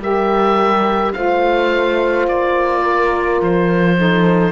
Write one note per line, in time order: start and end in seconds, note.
0.00 1.13 G3
0.00 1.15 G4
0.00 1.16 A#4
0.00 1.13 E5
1.13 2.28 A3
1.13 3.97 F4
1.13 2.83 C5
1.13 2.26 F5
2.28 3.41 A#3
2.28 3.42 D5
2.83 3.96 A#4
3.42 4.53 F3
3.42 4.53 C5
3.97 4.53 D#4
3.97 4.53 A4